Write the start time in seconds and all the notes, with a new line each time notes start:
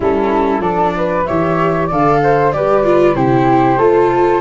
0.00 G3 C#4 E4 A4
0.60 F3 D4 A4 D5
0.96 B4
1.24 E3 G4 C#5 E5
1.87 D3 A4 D5 F5
2.23 C5
2.52 G3 G4 B4 D5
2.84 F4
3.14 C3 E4 G4 C5
3.77 A3 F4 A4